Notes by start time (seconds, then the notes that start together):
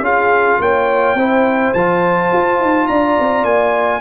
0.00 C#4 F4 G#4 F5
0.59 A#3 C#5 G5
1.14 C4 E4 C5
1.73 F3 F4 A5
2.32 F4
2.60 D#4
2.87 D4 D5 A#5
3.19 C4
3.44 A#3 G#5